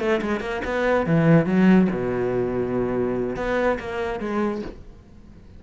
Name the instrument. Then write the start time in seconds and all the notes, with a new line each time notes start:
cello
0.00 A3
0.22 G#3
0.41 A#3
0.65 B3
1.06 E3
1.46 F#3
1.92 B2
3.37 B3
3.80 A#3
4.20 G#3